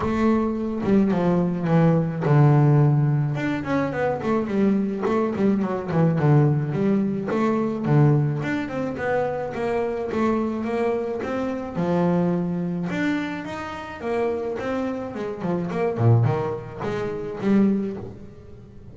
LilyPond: \new Staff \with { instrumentName = "double bass" } { \time 4/4 \tempo 4 = 107 a4. g8 f4 e4 | d2 d'8 cis'8 b8 a8 | g4 a8 g8 fis8 e8 d4 | g4 a4 d4 d'8 c'8 |
b4 ais4 a4 ais4 | c'4 f2 d'4 | dis'4 ais4 c'4 gis8 f8 | ais8 ais,8 dis4 gis4 g4 | }